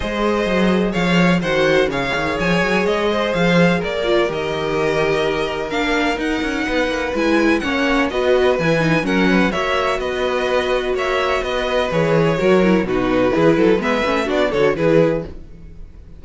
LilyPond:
<<
  \new Staff \with { instrumentName = "violin" } { \time 4/4 \tempo 4 = 126 dis''2 f''4 fis''4 | f''4 gis''4 dis''4 f''4 | d''4 dis''2. | f''4 fis''2 gis''4 |
fis''4 dis''4 gis''4 fis''4 | e''4 dis''2 e''4 | dis''4 cis''2 b'4~ | b'4 e''4 d''8 cis''8 b'4 | }
  \new Staff \with { instrumentName = "violin" } { \time 4/4 c''2 cis''4 c''4 | cis''2~ cis''8 c''4. | ais'1~ | ais'2 b'2 |
cis''4 b'2 ais'8 b'8 | cis''4 b'2 cis''4 | b'2 ais'4 fis'4 | gis'8 a'8 b'4 fis'8 a'8 gis'4 | }
  \new Staff \with { instrumentName = "viola" } { \time 4/4 gis'2. fis'4 | gis'1~ | gis'8 f'8 g'2. | d'4 dis'2 e'4 |
cis'4 fis'4 e'8 dis'8 cis'4 | fis'1~ | fis'4 gis'4 fis'8 e'8 dis'4 | e'4 b8 cis'8 d'8 fis'8 e'4 | }
  \new Staff \with { instrumentName = "cello" } { \time 4/4 gis4 fis4 f4 dis4 | cis8 dis8 f8 fis8 gis4 f4 | ais4 dis2. | ais4 dis'8 cis'8 b8 ais8 gis4 |
ais4 b4 e4 fis4 | ais4 b2 ais4 | b4 e4 fis4 b,4 | e8 fis8 gis8 a8 b8 d8 e4 | }
>>